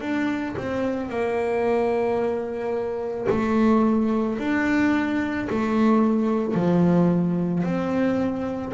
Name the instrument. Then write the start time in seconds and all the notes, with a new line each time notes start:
double bass
0.00 D4
0.57 C4
1.09 A#3
3.29 A3
4.38 D4
5.49 A3
6.54 F3
7.63 C4